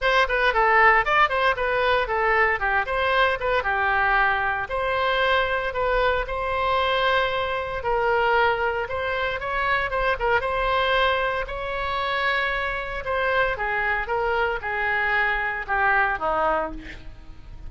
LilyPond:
\new Staff \with { instrumentName = "oboe" } { \time 4/4 \tempo 4 = 115 c''8 b'8 a'4 d''8 c''8 b'4 | a'4 g'8 c''4 b'8 g'4~ | g'4 c''2 b'4 | c''2. ais'4~ |
ais'4 c''4 cis''4 c''8 ais'8 | c''2 cis''2~ | cis''4 c''4 gis'4 ais'4 | gis'2 g'4 dis'4 | }